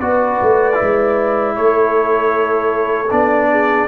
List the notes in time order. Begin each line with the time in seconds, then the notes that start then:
0.00 B3 F#4 B4 D5
0.42 A3
0.73 E4
0.82 G#3
1.56 A3 A4 C#5
3.11 B3 D4 D5
3.50 G#4